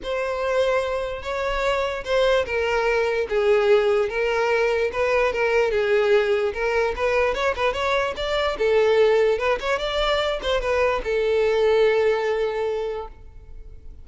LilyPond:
\new Staff \with { instrumentName = "violin" } { \time 4/4 \tempo 4 = 147 c''2. cis''4~ | cis''4 c''4 ais'2 | gis'2 ais'2 | b'4 ais'4 gis'2 |
ais'4 b'4 cis''8 b'8 cis''4 | d''4 a'2 b'8 cis''8 | d''4. c''8 b'4 a'4~ | a'1 | }